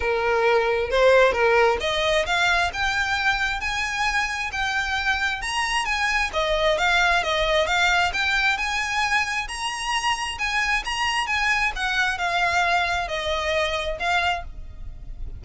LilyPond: \new Staff \with { instrumentName = "violin" } { \time 4/4 \tempo 4 = 133 ais'2 c''4 ais'4 | dis''4 f''4 g''2 | gis''2 g''2 | ais''4 gis''4 dis''4 f''4 |
dis''4 f''4 g''4 gis''4~ | gis''4 ais''2 gis''4 | ais''4 gis''4 fis''4 f''4~ | f''4 dis''2 f''4 | }